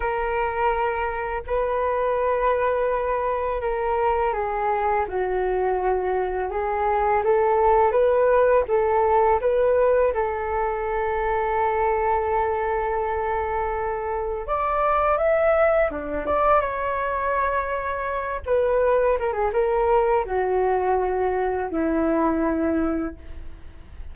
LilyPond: \new Staff \with { instrumentName = "flute" } { \time 4/4 \tempo 4 = 83 ais'2 b'2~ | b'4 ais'4 gis'4 fis'4~ | fis'4 gis'4 a'4 b'4 | a'4 b'4 a'2~ |
a'1 | d''4 e''4 d'8 d''8 cis''4~ | cis''4. b'4 ais'16 gis'16 ais'4 | fis'2 e'2 | }